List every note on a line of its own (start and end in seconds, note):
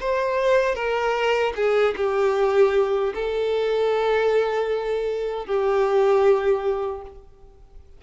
0.00 0.75 C5
0.75 1.53 A#4
1.55 1.94 G#4
1.97 3.13 G4
3.15 5.46 A4
5.46 7.02 G4